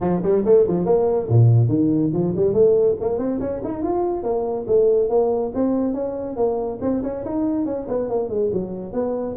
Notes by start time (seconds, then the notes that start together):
0.00 F3
0.22 G3
0.45 A3
0.67 F3
0.85 A#3
1.29 A#2
1.68 D#3
2.13 F3
2.36 G3
2.53 A3
3.00 A#3
3.18 C4
3.39 C#4
3.64 D#4
3.82 F4
4.23 A#3
4.67 A3
5.09 A#3
5.54 C4
5.93 C#4
6.36 A#3
6.81 C4
7.03 C#4
7.24 D#4
7.65 C#4
7.88 B3
8.09 A#3
8.29 G#3
8.52 F#3
8.93 B3